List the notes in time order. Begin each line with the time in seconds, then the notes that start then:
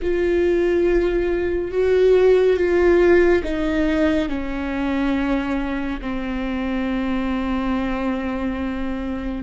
0.02 F4
1.71 F#4
2.56 F4
3.43 D#4
4.29 C#4
6.01 C4